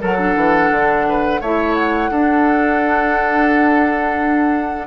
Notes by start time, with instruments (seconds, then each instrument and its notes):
0.00 bassoon F#3, oboe A4, clarinet A#4, flute F#5
0.18 clarinet D4
0.36 bassoon E3
0.71 bassoon D3
1.09 oboe B4
1.41 bassoon A3, clarinet E4, oboe C#5, flute E5
1.74 flute F#5
2.10 bassoon D4, clarinet D4, oboe A4